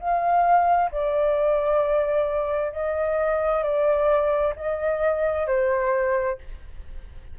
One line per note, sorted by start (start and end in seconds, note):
0.00 0.91 F5
0.92 2.72 D5
2.72 3.63 D#5
3.63 4.54 D5
4.56 5.47 D#5
5.48 6.38 C5